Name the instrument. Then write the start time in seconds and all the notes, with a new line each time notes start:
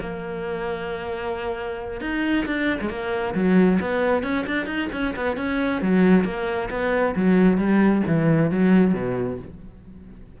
cello
0.00 A#3
2.00 D#4
2.46 D4
2.80 G#3
2.89 A#3
3.34 F#3
3.80 B3
4.23 C#4
4.47 D4
4.66 D#4
4.92 C#4
5.16 B3
5.36 C#4
5.81 F#3
6.24 A#3
6.70 B3
7.15 F#3
7.57 G3
8.07 E3
8.50 F#3
8.93 B2